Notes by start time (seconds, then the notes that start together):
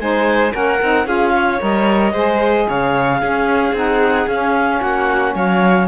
0.00 G#3 D#4 C5 G#5
0.52 A#3 C#4 A#4 F#5
0.82 C4 D#4
1.06 C#4 F4 G#4 F5
1.36 C#5
1.61 G3 A#4 D#5
2.13 G#3 G#4 C5
2.69 C#3 C#5 F5
3.20 C#4 G#4
3.73 C4 D#4 F#5
4.27 C#4 F5
4.81 A#3 F#4 F#5
5.35 F#3 C#5 F5